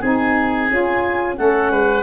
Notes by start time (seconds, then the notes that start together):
0.00 C4 D#4 G#4 G#5
0.70 C#4 F4
1.36 A3 C#4 A4 F#5
1.71 G#3 B4